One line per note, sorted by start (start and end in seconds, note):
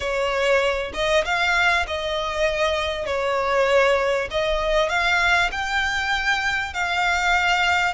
0.00 0.92 C#5
0.93 1.24 D#5
1.24 1.86 F5
1.87 3.06 D#5
3.06 4.28 C#5
4.31 4.89 D#5
4.89 5.50 F5
5.51 6.73 G5
6.73 7.94 F5